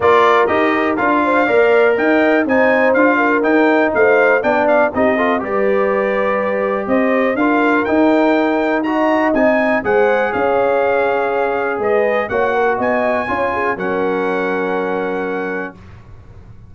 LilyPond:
<<
  \new Staff \with { instrumentName = "trumpet" } { \time 4/4 \tempo 4 = 122 d''4 dis''4 f''2 | g''4 gis''4 f''4 g''4 | f''4 g''8 f''8 dis''4 d''4~ | d''2 dis''4 f''4 |
g''2 ais''4 gis''4 | fis''4 f''2. | dis''4 fis''4 gis''2 | fis''1 | }
  \new Staff \with { instrumentName = "horn" } { \time 4/4 ais'2~ ais'8 c''8 d''4 | dis''4 c''4. ais'4. | c''4 d''4 g'8 a'8 b'4~ | b'2 c''4 ais'4~ |
ais'2 dis''2 | c''4 cis''2. | b'4 cis''8 ais'8 dis''4 cis''8 gis'8 | ais'1 | }
  \new Staff \with { instrumentName = "trombone" } { \time 4/4 f'4 g'4 f'4 ais'4~ | ais'4 dis'4 f'4 dis'4~ | dis'4 d'4 dis'8 f'8 g'4~ | g'2. f'4 |
dis'2 fis'4 dis'4 | gis'1~ | gis'4 fis'2 f'4 | cis'1 | }
  \new Staff \with { instrumentName = "tuba" } { \time 4/4 ais4 dis'4 d'4 ais4 | dis'4 c'4 d'4 dis'4 | a4 b4 c'4 g4~ | g2 c'4 d'4 |
dis'2. c'4 | gis4 cis'2. | gis4 ais4 b4 cis'4 | fis1 | }
>>